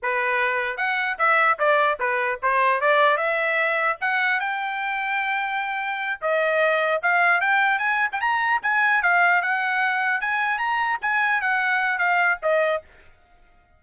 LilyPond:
\new Staff \with { instrumentName = "trumpet" } { \time 4/4 \tempo 4 = 150 b'2 fis''4 e''4 | d''4 b'4 c''4 d''4 | e''2 fis''4 g''4~ | g''2.~ g''8 dis''8~ |
dis''4. f''4 g''4 gis''8~ | gis''16 g''16 ais''4 gis''4 f''4 fis''8~ | fis''4. gis''4 ais''4 gis''8~ | gis''8 fis''4. f''4 dis''4 | }